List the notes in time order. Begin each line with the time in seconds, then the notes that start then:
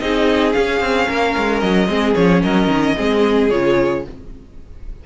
0.00 C4 D#4 G#4 D#5
0.52 C#4 F5
0.80 C4
1.08 A#3 A#4
1.37 G#3
1.60 F#3 D#5
1.88 G#3 C4 G#4
2.15 F3 C#4 C#5
2.43 F#3 A#4 D#5
2.68 D#3
2.97 G#3 C4 G#4
3.50 C#3 F4 C#5